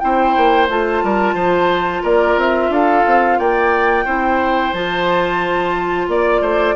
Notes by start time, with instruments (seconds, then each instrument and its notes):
0.00 bassoon C4, clarinet E4, oboe C5, flute G5
0.37 bassoon A#3
0.69 bassoon A3, clarinet F4, flute A5
1.04 bassoon G3, oboe A#4
1.35 bassoon F3, oboe C5
2.03 bassoon A#3, oboe A#4, flute D5
2.37 bassoon C4, flute E5
2.70 bassoon D4, oboe A4, flute F5
3.07 bassoon C4
3.39 bassoon A#3, oboe D5, flute G5
4.05 bassoon C4, clarinet E4, oboe C5
4.73 bassoon F3, clarinet F4, flute A5
6.08 bassoon A#3, flute D5, oboe D5
6.41 bassoon A3, oboe C5